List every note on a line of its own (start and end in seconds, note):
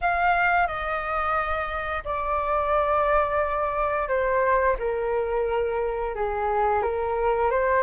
0.01 0.67 F5
0.67 2.03 D#5
2.04 4.08 D5
4.08 4.76 C5
4.78 6.15 A#4
6.15 6.82 G#4
6.82 7.50 A#4
7.50 7.83 C5